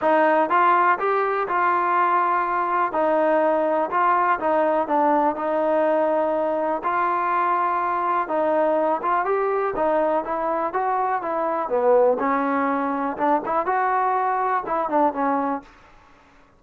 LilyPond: \new Staff \with { instrumentName = "trombone" } { \time 4/4 \tempo 4 = 123 dis'4 f'4 g'4 f'4~ | f'2 dis'2 | f'4 dis'4 d'4 dis'4~ | dis'2 f'2~ |
f'4 dis'4. f'8 g'4 | dis'4 e'4 fis'4 e'4 | b4 cis'2 d'8 e'8 | fis'2 e'8 d'8 cis'4 | }